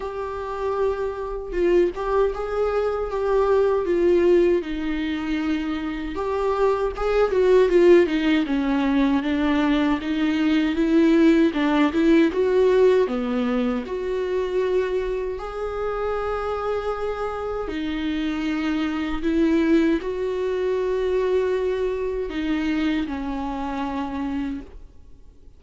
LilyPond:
\new Staff \with { instrumentName = "viola" } { \time 4/4 \tempo 4 = 78 g'2 f'8 g'8 gis'4 | g'4 f'4 dis'2 | g'4 gis'8 fis'8 f'8 dis'8 cis'4 | d'4 dis'4 e'4 d'8 e'8 |
fis'4 b4 fis'2 | gis'2. dis'4~ | dis'4 e'4 fis'2~ | fis'4 dis'4 cis'2 | }